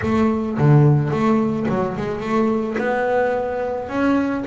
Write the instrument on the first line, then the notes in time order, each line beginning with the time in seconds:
double bass
0.02 A3
0.58 D3
1.10 A3
1.68 F#3
1.96 G#3
2.20 A3
2.78 B3
3.88 C#4